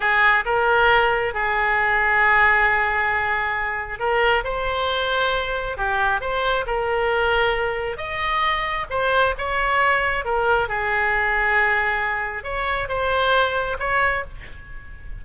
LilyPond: \new Staff \with { instrumentName = "oboe" } { \time 4/4 \tempo 4 = 135 gis'4 ais'2 gis'4~ | gis'1~ | gis'4 ais'4 c''2~ | c''4 g'4 c''4 ais'4~ |
ais'2 dis''2 | c''4 cis''2 ais'4 | gis'1 | cis''4 c''2 cis''4 | }